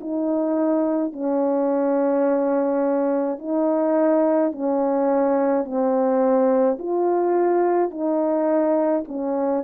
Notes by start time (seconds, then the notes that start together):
0.00 D#4
1.12 C#4
3.38 D#4
4.51 C#4
5.64 C4
6.79 F4
7.90 D#4
9.07 C#4